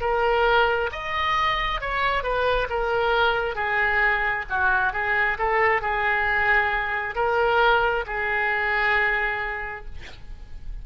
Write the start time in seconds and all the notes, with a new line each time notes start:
0.00 A#4
0.92 D#5
1.81 C#5
2.23 B4
2.69 A#4
3.55 G#4
4.49 F#4
4.93 G#4
5.38 A4
5.81 G#4
7.15 A#4
8.06 G#4